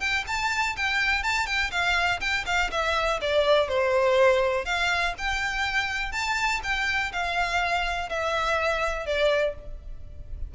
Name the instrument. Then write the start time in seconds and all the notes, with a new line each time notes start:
violin
0.00 G5
0.27 A5
0.76 G5
1.23 A5
1.46 G5
1.71 F5
2.20 G5
2.46 F5
2.71 E5
3.21 D5
3.68 C5
4.65 F5
5.18 G5
6.12 A5
6.63 G5
7.12 F5
8.09 E5
9.06 D5